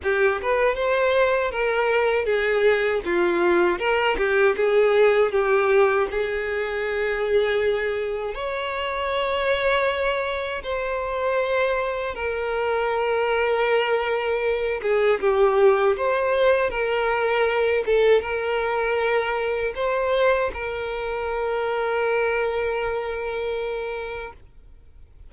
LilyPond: \new Staff \with { instrumentName = "violin" } { \time 4/4 \tempo 4 = 79 g'8 b'8 c''4 ais'4 gis'4 | f'4 ais'8 g'8 gis'4 g'4 | gis'2. cis''4~ | cis''2 c''2 |
ais'2.~ ais'8 gis'8 | g'4 c''4 ais'4. a'8 | ais'2 c''4 ais'4~ | ais'1 | }